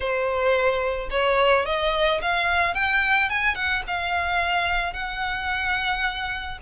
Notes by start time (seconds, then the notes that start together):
0.00 C5
1.10 C#5
1.65 D#5
2.21 F5
2.74 G5
3.29 G#5
3.55 F#5
3.87 F5
4.93 F#5